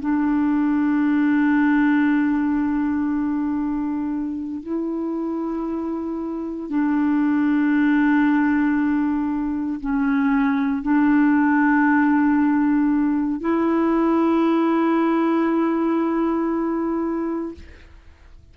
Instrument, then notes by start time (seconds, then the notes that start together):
clarinet
0.00 D4
4.63 E4
6.70 D4
9.80 C#4
10.82 D4
13.41 E4